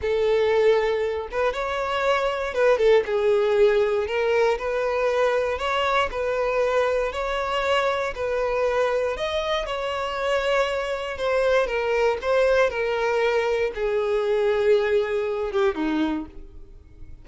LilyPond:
\new Staff \with { instrumentName = "violin" } { \time 4/4 \tempo 4 = 118 a'2~ a'8 b'8 cis''4~ | cis''4 b'8 a'8 gis'2 | ais'4 b'2 cis''4 | b'2 cis''2 |
b'2 dis''4 cis''4~ | cis''2 c''4 ais'4 | c''4 ais'2 gis'4~ | gis'2~ gis'8 g'8 dis'4 | }